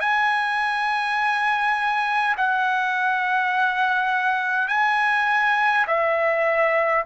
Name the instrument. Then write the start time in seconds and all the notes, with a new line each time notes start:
trumpet
0.00 G#5
2.37 F#5
4.68 G#5
5.87 E5